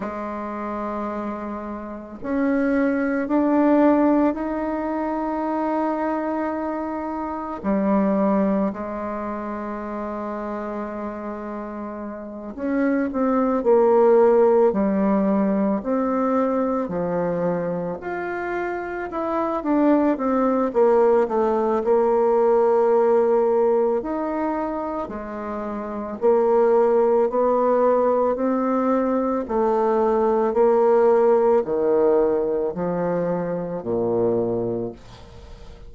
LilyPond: \new Staff \with { instrumentName = "bassoon" } { \time 4/4 \tempo 4 = 55 gis2 cis'4 d'4 | dis'2. g4 | gis2.~ gis8 cis'8 | c'8 ais4 g4 c'4 f8~ |
f8 f'4 e'8 d'8 c'8 ais8 a8 | ais2 dis'4 gis4 | ais4 b4 c'4 a4 | ais4 dis4 f4 ais,4 | }